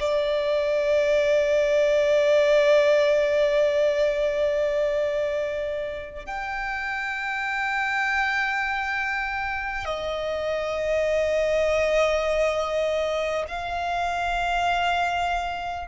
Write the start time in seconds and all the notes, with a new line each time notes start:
0.00 D5
6.26 G5
9.85 D#5
13.48 F5